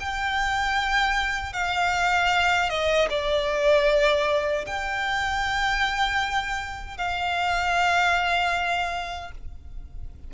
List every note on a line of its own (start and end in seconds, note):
0.00 1.53 G5
1.53 2.70 F5
2.70 3.09 D#5
3.10 4.65 D5
4.66 6.97 G5
6.97 9.31 F5